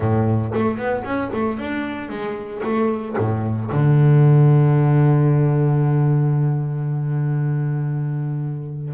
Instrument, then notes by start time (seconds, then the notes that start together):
double bass
0.00 A2
0.54 A3
0.77 B3
1.04 C#4
1.33 A3
1.58 D4
2.09 G#3
2.63 A3
3.17 A2
3.71 D3